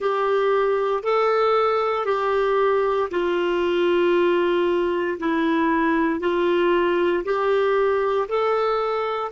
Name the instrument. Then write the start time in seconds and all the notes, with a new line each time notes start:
clarinet
0.00 G4
1.03 A4
2.05 G4
3.10 F4
5.19 E4
6.20 F4
7.24 G4
8.28 A4